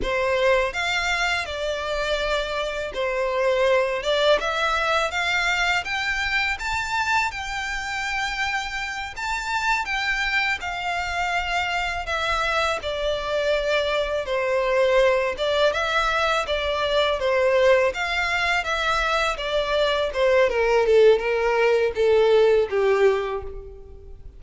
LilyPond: \new Staff \with { instrumentName = "violin" } { \time 4/4 \tempo 4 = 82 c''4 f''4 d''2 | c''4. d''8 e''4 f''4 | g''4 a''4 g''2~ | g''8 a''4 g''4 f''4.~ |
f''8 e''4 d''2 c''8~ | c''4 d''8 e''4 d''4 c''8~ | c''8 f''4 e''4 d''4 c''8 | ais'8 a'8 ais'4 a'4 g'4 | }